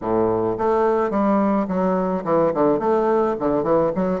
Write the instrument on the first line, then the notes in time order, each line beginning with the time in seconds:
bassoon
0.01 A2
0.58 A3
1.10 G3
1.67 F#3
2.24 E3
2.54 D3
2.79 A3
3.39 D3
3.63 E3
3.95 F#3